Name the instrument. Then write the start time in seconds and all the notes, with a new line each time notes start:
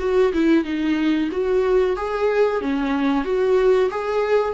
viola
0.00 F#4
0.33 E4
0.65 D#4
1.32 F#4
1.97 G#4
2.62 C#4
3.25 F#4
3.91 G#4